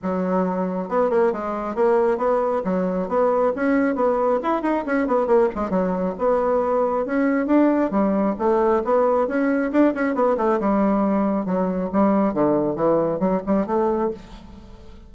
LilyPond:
\new Staff \with { instrumentName = "bassoon" } { \time 4/4 \tempo 4 = 136 fis2 b8 ais8 gis4 | ais4 b4 fis4 b4 | cis'4 b4 e'8 dis'8 cis'8 b8 | ais8 gis8 fis4 b2 |
cis'4 d'4 g4 a4 | b4 cis'4 d'8 cis'8 b8 a8 | g2 fis4 g4 | d4 e4 fis8 g8 a4 | }